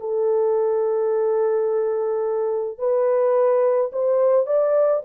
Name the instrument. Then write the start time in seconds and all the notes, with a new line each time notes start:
horn
0.00 A4
2.78 B4
3.92 C5
4.46 D5